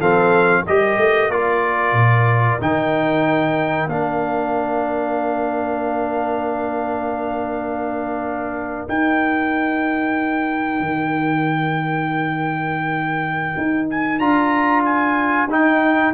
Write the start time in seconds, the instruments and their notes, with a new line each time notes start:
0.00 tuba F3, trombone C4, horn A4, trumpet F5
0.67 tuba G3, trombone G4, horn A#4, trumpet D#5
0.98 tuba A3
1.29 tuba A#3, trombone F4, trumpet D5
1.93 tuba A#2
2.61 tuba D#3, trombone D#4, trumpet G5
3.87 tuba A#3, trombone D4, trumpet F5
8.88 trombone D#4, tuba D#4, trumpet G5
10.81 tuba D#3
13.57 tuba D#4
13.91 trumpet G#5
14.19 tuba D4, trombone F4, trumpet A#5
14.85 trumpet G#5
15.47 tuba D#4, trombone D#4, trumpet G5